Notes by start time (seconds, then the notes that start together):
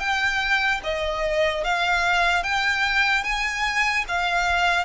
0.00 G5
0.84 D#5
1.64 F5
2.43 G5
3.24 G#5
4.08 F5